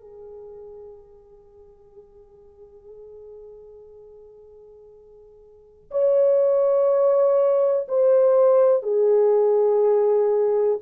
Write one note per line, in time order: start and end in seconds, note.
0.00 5.90 G#4
5.91 7.87 C#5
7.88 8.83 C5
8.83 10.79 G#4